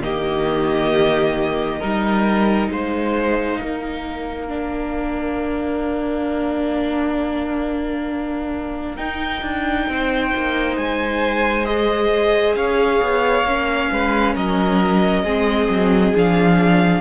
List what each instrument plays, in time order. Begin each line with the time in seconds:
0.00 cello D#3, viola A#3, violin G4 D#5
1.80 cello G3, viola D#4, violin A#4
2.69 cello G#3, violin C5 F5
3.61 cello A#3, violin A#4
4.48 viola D4
8.97 viola D#4, cello D#4, violin G5
9.42 cello D4
9.88 cello C4, violin C5
10.36 cello A#3
10.77 cello G#3, violin G#5
11.65 viola G#4, violin D#5
12.56 cello C#4, violin C#5 F5
13.02 cello B3
13.44 cello A#3, viola C#4
13.92 cello G#3, violin B4
14.35 cello F#3, violin A#4 D#5
15.24 cello G#3, viola C4, violin G#4
15.69 cello F#3
16.15 cello F3, viola D4, violin F5